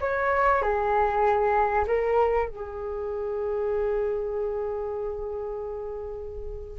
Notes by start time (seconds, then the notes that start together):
0.00 C#5
0.62 G#4
1.87 A#4
2.48 G#4